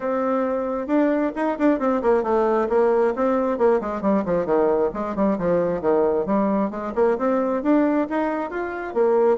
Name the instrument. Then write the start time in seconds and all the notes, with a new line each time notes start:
bassoon
0.00 C4
0.87 D4
1.35 D#4
1.58 D4
1.79 C4
2.02 A#3
2.23 A3
2.69 A#3
3.15 C4
3.58 A#3
3.81 G#3
4.01 G3
4.25 F3
4.45 D#3
4.93 G#3
5.15 G3
5.38 F3
5.81 D#3
6.26 G3
6.70 G#3
6.95 A#3
7.18 C4
7.62 D4
8.09 D#4
8.50 F4
8.93 A#3